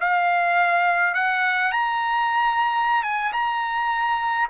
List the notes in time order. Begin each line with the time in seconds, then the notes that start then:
0.00 F5
1.14 F#5
1.72 A#5
3.03 G#5
3.33 A#5